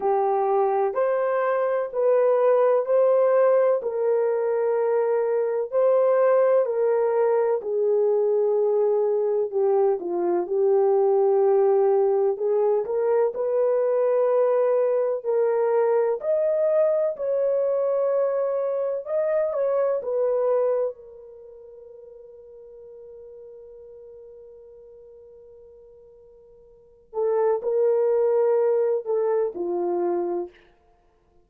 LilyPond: \new Staff \with { instrumentName = "horn" } { \time 4/4 \tempo 4 = 63 g'4 c''4 b'4 c''4 | ais'2 c''4 ais'4 | gis'2 g'8 f'8 g'4~ | g'4 gis'8 ais'8 b'2 |
ais'4 dis''4 cis''2 | dis''8 cis''8 b'4 ais'2~ | ais'1~ | ais'8 a'8 ais'4. a'8 f'4 | }